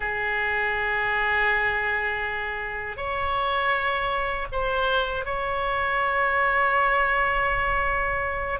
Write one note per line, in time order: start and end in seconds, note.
0.00 2.97 G#4
2.97 4.47 C#5
4.51 5.25 C5
5.25 8.59 C#5